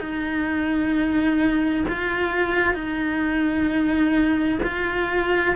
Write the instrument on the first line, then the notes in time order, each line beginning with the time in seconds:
cello
0.00 D#4
1.88 F4
2.74 D#4
4.63 F4